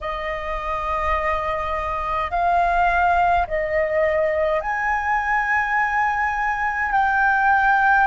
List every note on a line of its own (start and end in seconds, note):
0.00 2.31 D#5
2.31 3.46 F5
3.47 4.60 D#5
4.60 6.91 G#5
6.91 8.07 G5